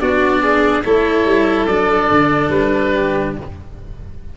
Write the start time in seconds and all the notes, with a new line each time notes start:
0.00 B3 D4 F#4 D5
0.42 G#4
0.85 A3 E4 A4 C#5
1.25 G3
1.67 F#3 D4 D5
2.11 D3
2.49 G3 B4
2.93 G4